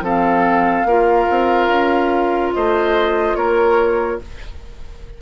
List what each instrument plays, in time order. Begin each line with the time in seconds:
0.00 bassoon F3, clarinet C4, oboe A4, flute F5
0.84 bassoon A#3, clarinet F4, oboe A#4
1.30 bassoon C4
1.68 bassoon C#4
2.52 bassoon A3, oboe C5, flute D#5
3.35 bassoon A#3, oboe A#4, flute C#5